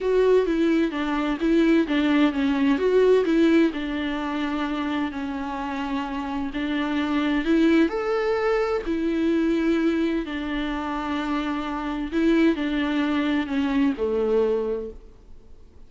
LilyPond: \new Staff \with { instrumentName = "viola" } { \time 4/4 \tempo 4 = 129 fis'4 e'4 d'4 e'4 | d'4 cis'4 fis'4 e'4 | d'2. cis'4~ | cis'2 d'2 |
e'4 a'2 e'4~ | e'2 d'2~ | d'2 e'4 d'4~ | d'4 cis'4 a2 | }